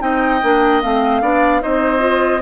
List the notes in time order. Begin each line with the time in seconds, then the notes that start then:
0.00 C4 D#4 D#5 G5
0.43 A#3 D4
0.82 A3 C4 F5
1.22 B3 D4 D5
1.61 C4 D#4 C5 D#5
2.00 F4